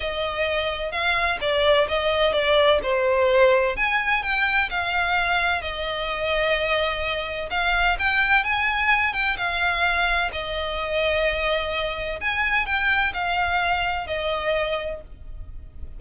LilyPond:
\new Staff \with { instrumentName = "violin" } { \time 4/4 \tempo 4 = 128 dis''2 f''4 d''4 | dis''4 d''4 c''2 | gis''4 g''4 f''2 | dis''1 |
f''4 g''4 gis''4. g''8 | f''2 dis''2~ | dis''2 gis''4 g''4 | f''2 dis''2 | }